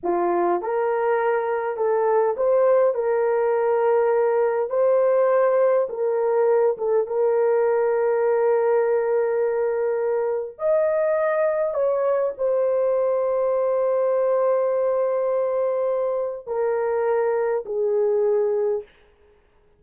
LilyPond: \new Staff \with { instrumentName = "horn" } { \time 4/4 \tempo 4 = 102 f'4 ais'2 a'4 | c''4 ais'2. | c''2 ais'4. a'8 | ais'1~ |
ais'2 dis''2 | cis''4 c''2.~ | c''1 | ais'2 gis'2 | }